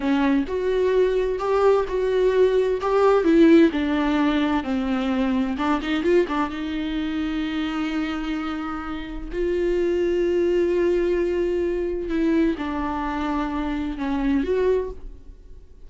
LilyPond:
\new Staff \with { instrumentName = "viola" } { \time 4/4 \tempo 4 = 129 cis'4 fis'2 g'4 | fis'2 g'4 e'4 | d'2 c'2 | d'8 dis'8 f'8 d'8 dis'2~ |
dis'1 | f'1~ | f'2 e'4 d'4~ | d'2 cis'4 fis'4 | }